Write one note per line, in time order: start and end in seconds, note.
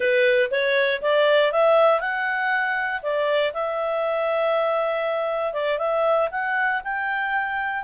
0.00 0.50 B4
0.50 1.01 C#5
1.01 1.52 D5
1.52 2.00 E5
2.00 3.01 F#5
3.02 3.52 D5
3.53 5.53 E5
5.53 5.78 D5
5.78 6.29 E5
6.31 6.81 F#5
6.83 7.83 G5